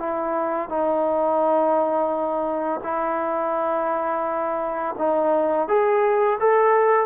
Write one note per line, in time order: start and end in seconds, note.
0.00 0.69 E4
0.69 2.81 D#4
2.84 4.96 E4
4.99 5.69 D#4
5.69 6.39 G#4
6.40 7.07 A4